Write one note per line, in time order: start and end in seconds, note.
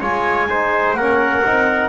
0.00 0.95 G#3
0.00 0.50 F4
0.00 0.48 C#5
0.00 0.95 G#5
0.50 0.98 D#4
0.50 0.98 C5
0.95 1.42 A#3
0.95 1.45 C#4
0.95 1.89 A#4
0.95 1.89 F#5
1.45 1.89 C4
1.45 1.89 D#4